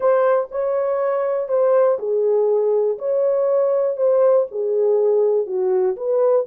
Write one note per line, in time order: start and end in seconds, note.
0.00 0.48 C5
0.51 1.48 C#5
1.48 1.97 C5
1.98 2.98 G#4
2.98 3.96 C#5
3.96 4.46 C5
4.51 5.46 G#4
5.46 5.95 F#4
5.96 6.46 B4